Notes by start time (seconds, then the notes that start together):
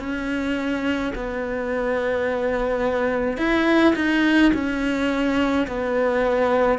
0.00 C#4
1.15 B3
3.38 E4
3.96 D#4
4.54 C#4
5.68 B3